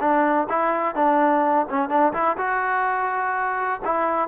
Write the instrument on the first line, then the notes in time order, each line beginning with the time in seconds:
trombone
0.00 D4
0.49 E4
0.95 D4
1.69 C#4
1.89 D4
2.13 E4
2.37 F#4
3.85 E4